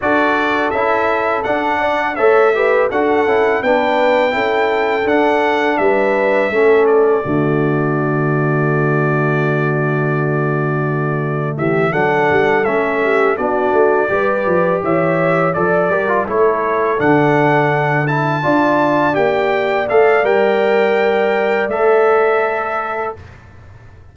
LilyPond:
<<
  \new Staff \with { instrumentName = "trumpet" } { \time 4/4 \tempo 4 = 83 d''4 e''4 fis''4 e''4 | fis''4 g''2 fis''4 | e''4. d''2~ d''8~ | d''1 |
e''8 fis''4 e''4 d''4.~ | d''8 e''4 d''4 cis''4 fis''8~ | fis''4 a''4. g''4 f''8 | g''2 e''2 | }
  \new Staff \with { instrumentName = "horn" } { \time 4/4 a'2~ a'8 d''8 cis''8 b'8 | a'4 b'4 a'2 | b'4 a'4 fis'2~ | fis'1 |
g'8 a'4. g'8 fis'4 b'8~ | b'8 cis''4 d''8 ais'8 a'4.~ | a'4. d''2~ d''8~ | d''1 | }
  \new Staff \with { instrumentName = "trombone" } { \time 4/4 fis'4 e'4 d'4 a'8 g'8 | fis'8 e'8 d'4 e'4 d'4~ | d'4 cis'4 a2~ | a1~ |
a8 d'4 cis'4 d'4 g'8~ | g'4. a'8 g'16 f'16 e'4 d'8~ | d'4 e'8 f'4 g'4 a'8 | ais'2 a'2 | }
  \new Staff \with { instrumentName = "tuba" } { \time 4/4 d'4 cis'4 d'4 a4 | d'8 cis'8 b4 cis'4 d'4 | g4 a4 d2~ | d1 |
e8 fis8 g8 a4 b8 a8 g8 | f8 e4 f8 g8 a4 d8~ | d4. d'4 ais4 a8 | g2 a2 | }
>>